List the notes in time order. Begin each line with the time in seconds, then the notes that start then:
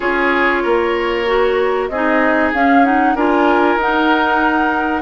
0.00 C#4 F4 G#4 C#5
0.62 A#3 A#4
1.26 F#4
1.88 C4 G#4 D#5
1.94 D#4
2.53 C#4 F5
2.84 D#4 F#5
3.14 D4 F4 A#4 G#5
3.75 D#4 F#5